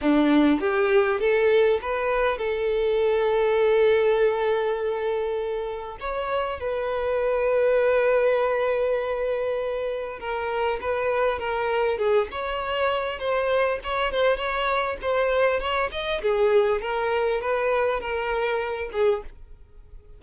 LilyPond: \new Staff \with { instrumentName = "violin" } { \time 4/4 \tempo 4 = 100 d'4 g'4 a'4 b'4 | a'1~ | a'2 cis''4 b'4~ | b'1~ |
b'4 ais'4 b'4 ais'4 | gis'8 cis''4. c''4 cis''8 c''8 | cis''4 c''4 cis''8 dis''8 gis'4 | ais'4 b'4 ais'4. gis'8 | }